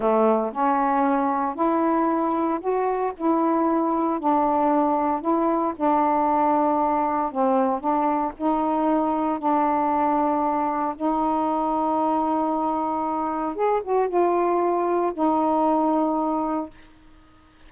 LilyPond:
\new Staff \with { instrumentName = "saxophone" } { \time 4/4 \tempo 4 = 115 a4 cis'2 e'4~ | e'4 fis'4 e'2 | d'2 e'4 d'4~ | d'2 c'4 d'4 |
dis'2 d'2~ | d'4 dis'2.~ | dis'2 gis'8 fis'8 f'4~ | f'4 dis'2. | }